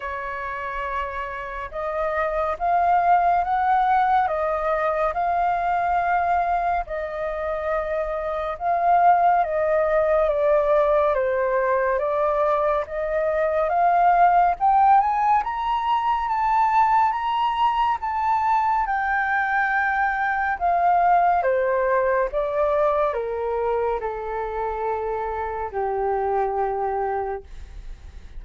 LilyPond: \new Staff \with { instrumentName = "flute" } { \time 4/4 \tempo 4 = 70 cis''2 dis''4 f''4 | fis''4 dis''4 f''2 | dis''2 f''4 dis''4 | d''4 c''4 d''4 dis''4 |
f''4 g''8 gis''8 ais''4 a''4 | ais''4 a''4 g''2 | f''4 c''4 d''4 ais'4 | a'2 g'2 | }